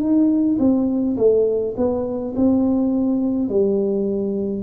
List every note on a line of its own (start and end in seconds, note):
0.00 0.58 D#4
0.59 1.16 C4
1.17 1.75 A3
1.77 2.34 B3
2.36 3.49 C4
3.49 4.63 G3